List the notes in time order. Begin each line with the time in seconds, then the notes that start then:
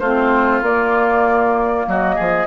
0.00 A3 C4 F4 C5
0.62 A#3 D5
1.87 F#3 F#4 D#5
2.16 F3 G#4